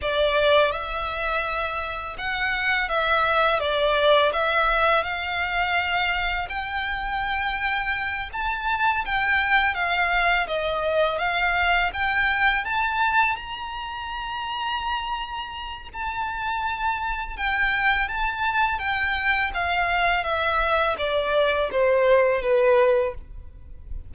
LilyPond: \new Staff \with { instrumentName = "violin" } { \time 4/4 \tempo 4 = 83 d''4 e''2 fis''4 | e''4 d''4 e''4 f''4~ | f''4 g''2~ g''8 a''8~ | a''8 g''4 f''4 dis''4 f''8~ |
f''8 g''4 a''4 ais''4.~ | ais''2 a''2 | g''4 a''4 g''4 f''4 | e''4 d''4 c''4 b'4 | }